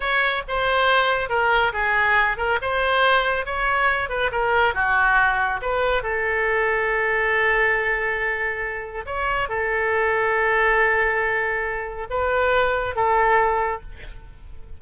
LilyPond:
\new Staff \with { instrumentName = "oboe" } { \time 4/4 \tempo 4 = 139 cis''4 c''2 ais'4 | gis'4. ais'8 c''2 | cis''4. b'8 ais'4 fis'4~ | fis'4 b'4 a'2~ |
a'1~ | a'4 cis''4 a'2~ | a'1 | b'2 a'2 | }